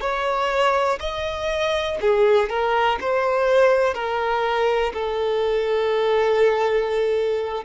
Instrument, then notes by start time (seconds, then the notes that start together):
violin
0.00 C#5
1.00 D#5
2.01 G#4
2.49 A#4
3.00 C5
3.94 A#4
4.93 A4